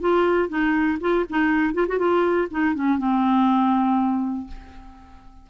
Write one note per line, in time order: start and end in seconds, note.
0.00 0.49 F4
0.49 0.98 D#4
1.00 1.25 F4
1.30 1.74 D#4
1.74 1.86 F4
1.88 1.99 F#4
1.99 2.48 F4
2.51 2.75 D#4
2.75 2.98 C#4
2.98 4.47 C4